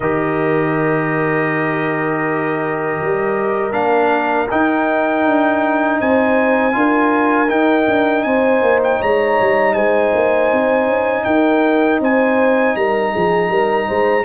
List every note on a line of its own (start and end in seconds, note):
0.00 3.00 D#3
0.00 3.72 G4
0.00 5.99 A#4
0.00 3.72 D#5
3.01 3.72 G3
3.72 4.47 A#3
3.72 4.47 D4
3.72 4.47 F5
4.50 6.72 D#4
4.50 5.25 D#4
4.50 6.00 G5
5.25 6.00 D4
6.00 6.75 C4
6.00 6.75 C5
6.00 7.49 G#5
6.72 7.49 D4
6.72 7.47 F4
6.72 8.26 A#4
7.48 14.23 D#4
7.48 7.87 D#4
7.48 8.23 G5
7.87 8.24 D4
8.23 8.61 C4
8.23 8.98 C5
8.23 8.79 G#5
8.61 8.99 A#3
8.83 9.02 G5
8.98 9.40 G#3
8.98 9.73 C#5
8.98 9.74 A#5
9.40 9.74 G3
9.74 10.12 G#3
9.74 11.25 C5
9.74 11.24 G#5
10.13 10.51 A#3
10.53 10.86 C4
10.86 11.24 C#4
11.24 12.00 D#4
11.24 12.01 A#4
11.24 11.99 G5
12.00 12.75 C4
12.00 12.76 C5
12.00 12.75 G#5
12.75 13.13 G3
12.75 13.12 A#4
12.75 14.24 A#5
13.12 13.49 F3
13.12 13.49 G#4
13.49 13.86 G3
13.49 13.87 A#4
13.87 14.24 G#3
13.87 14.24 C5